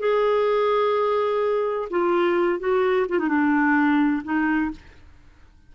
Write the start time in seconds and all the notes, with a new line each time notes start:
0.00 G#4
1.91 F4
2.60 F#4
3.09 F4
3.20 D#4
3.29 D4
4.24 D#4